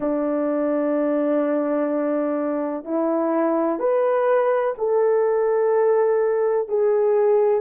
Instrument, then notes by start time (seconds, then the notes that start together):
horn
0.00 D4
2.84 E4
3.79 B4
4.77 A4
6.68 G#4